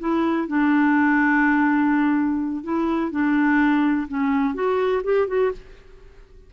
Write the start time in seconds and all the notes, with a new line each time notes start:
0.00 E4
0.48 D4
2.64 E4
3.12 D4
4.08 C#4
4.55 F#4
5.04 G4
5.28 F#4